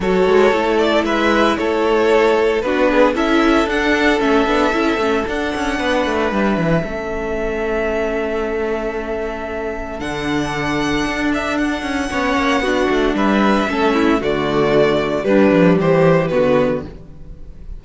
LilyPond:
<<
  \new Staff \with { instrumentName = "violin" } { \time 4/4 \tempo 4 = 114 cis''4. d''8 e''4 cis''4~ | cis''4 b'4 e''4 fis''4 | e''2 fis''2 | e''1~ |
e''2. fis''4~ | fis''4. e''8 fis''2~ | fis''4 e''2 d''4~ | d''4 b'4 c''4 b'4 | }
  \new Staff \with { instrumentName = "violin" } { \time 4/4 a'2 b'4 a'4~ | a'4 fis'8 gis'8 a'2~ | a'2. b'4~ | b'4 a'2.~ |
a'1~ | a'2. cis''4 | fis'4 b'4 a'8 e'8 fis'4~ | fis'4 d'4 g'4 fis'4 | }
  \new Staff \with { instrumentName = "viola" } { \time 4/4 fis'4 e'2.~ | e'4 d'4 e'4 d'4 | cis'8 d'8 e'8 cis'8 d'2~ | d'4 cis'2.~ |
cis'2. d'4~ | d'2. cis'4 | d'2 cis'4 a4~ | a4 g2 b4 | }
  \new Staff \with { instrumentName = "cello" } { \time 4/4 fis8 gis8 a4 gis4 a4~ | a4 b4 cis'4 d'4 | a8 b8 cis'8 a8 d'8 cis'8 b8 a8 | g8 e8 a2.~ |
a2. d4~ | d4 d'4. cis'8 b8 ais8 | b8 a8 g4 a4 d4~ | d4 g8 f8 e4 d4 | }
>>